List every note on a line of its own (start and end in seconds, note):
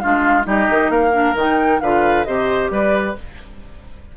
0.00 0.46 G#3
0.00 0.44 D4
0.00 0.46 F4
0.00 0.45 F5
0.44 0.68 G3
0.44 1.11 D#4
0.44 0.91 G4
0.44 0.91 D#5
0.69 0.89 D#3
0.89 1.34 A#3
0.89 1.81 A#4
0.89 1.36 F5
1.12 1.34 D4
1.35 1.79 D#3
1.35 1.82 D#4
1.35 1.80 G5
1.80 2.26 D3
1.80 2.26 F4
1.80 2.26 B4
1.80 2.24 F5
2.24 2.70 C3
2.24 3.15 G4
2.24 2.71 C5
2.24 2.69 D#5
2.70 3.15 G3
2.70 3.17 B4
2.70 3.16 D5